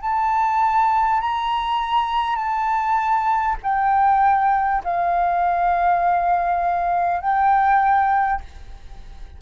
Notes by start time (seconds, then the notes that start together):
0.00 A5
1.21 A#5
2.36 A5
3.62 G5
4.83 F5
7.21 G5